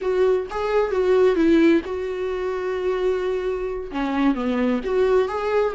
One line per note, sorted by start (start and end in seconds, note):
0.01 0.47 F#4
0.50 0.91 G#4
0.91 1.35 F#4
1.35 1.81 E4
1.85 3.91 F#4
3.91 4.34 C#4
4.34 4.80 B3
4.84 5.28 F#4
5.28 5.74 G#4